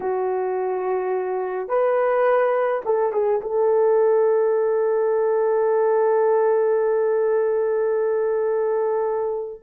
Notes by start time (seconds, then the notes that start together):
0.00 F#4
1.68 B4
2.85 A4
3.12 G#4
3.41 A4